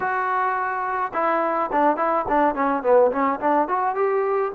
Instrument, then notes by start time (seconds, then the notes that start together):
trombone
0.00 F#4
1.13 E4
1.71 D4
1.96 E4
2.28 D4
2.54 C#4
2.83 B3
3.11 C#4
3.40 D4
3.68 F#4
3.95 G4